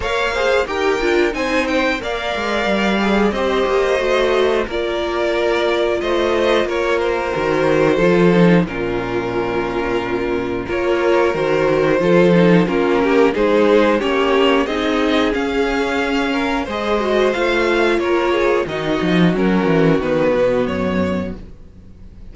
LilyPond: <<
  \new Staff \with { instrumentName = "violin" } { \time 4/4 \tempo 4 = 90 f''4 g''4 gis''8 g''8 f''4~ | f''4 dis''2 d''4~ | d''4 dis''4 cis''8 c''4.~ | c''4 ais'2. |
cis''4 c''2 ais'4 | c''4 cis''4 dis''4 f''4~ | f''4 dis''4 f''4 cis''4 | dis''4 ais'4 b'4 cis''4 | }
  \new Staff \with { instrumentName = "violin" } { \time 4/4 cis''8 c''8 ais'4 c''4 d''4~ | d''4 c''2 ais'4~ | ais'4 c''4 ais'2 | a'4 f'2. |
ais'2 a'4 f'8 g'8 | gis'4 g'4 gis'2~ | gis'8 ais'8 c''2 ais'8 gis'8 | fis'1 | }
  \new Staff \with { instrumentName = "viola" } { \time 4/4 ais'8 gis'8 g'8 f'8 dis'4 ais'4~ | ais'8 gis'8 g'4 fis'4 f'4~ | f'2. fis'4 | f'8 dis'8 cis'2. |
f'4 fis'4 f'8 dis'8 cis'4 | dis'4 cis'4 dis'4 cis'4~ | cis'4 gis'8 fis'8 f'2 | dis'4 cis'4 b2 | }
  \new Staff \with { instrumentName = "cello" } { \time 4/4 ais4 dis'8 d'8 c'4 ais8 gis8 | g4 c'8 ais8 a4 ais4~ | ais4 a4 ais4 dis4 | f4 ais,2. |
ais4 dis4 f4 ais4 | gis4 ais4 c'4 cis'4~ | cis'4 gis4 a4 ais4 | dis8 f8 fis8 e8 dis8 b,8 fis,4 | }
>>